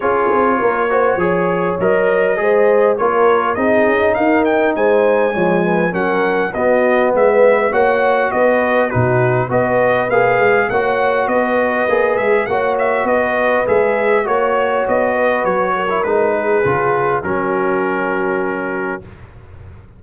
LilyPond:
<<
  \new Staff \with { instrumentName = "trumpet" } { \time 4/4 \tempo 4 = 101 cis''2. dis''4~ | dis''4 cis''4 dis''4 f''8 g''8 | gis''2 fis''4 dis''4 | e''4 fis''4 dis''4 b'4 |
dis''4 f''4 fis''4 dis''4~ | dis''8 e''8 fis''8 e''8 dis''4 e''4 | cis''4 dis''4 cis''4 b'4~ | b'4 ais'2. | }
  \new Staff \with { instrumentName = "horn" } { \time 4/4 gis'4 ais'8 c''8 cis''2 | c''4 ais'4 gis'4 ais'4 | c''4 cis''8 b'8 ais'4 fis'4 | b'4 cis''4 b'4 fis'4 |
b'2 cis''4 b'4~ | b'4 cis''4 b'2 | cis''4. b'4 ais'4 gis'8~ | gis'4 fis'2. | }
  \new Staff \with { instrumentName = "trombone" } { \time 4/4 f'4. fis'8 gis'4 ais'4 | gis'4 f'4 dis'2~ | dis'4 gis4 cis'4 b4~ | b4 fis'2 dis'4 |
fis'4 gis'4 fis'2 | gis'4 fis'2 gis'4 | fis'2~ fis'8. e'16 dis'4 | f'4 cis'2. | }
  \new Staff \with { instrumentName = "tuba" } { \time 4/4 cis'8 c'8 ais4 f4 fis4 | gis4 ais4 c'8 cis'8 dis'4 | gis4 f4 fis4 b4 | gis4 ais4 b4 b,4 |
b4 ais8 gis8 ais4 b4 | ais8 gis8 ais4 b4 gis4 | ais4 b4 fis4 gis4 | cis4 fis2. | }
>>